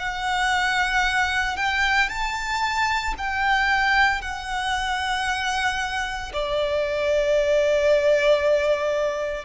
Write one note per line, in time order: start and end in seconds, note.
0.00 1.57 F#5
1.57 2.09 G5
2.09 3.14 A5
3.18 4.22 G5
4.22 6.32 F#5
6.33 9.45 D5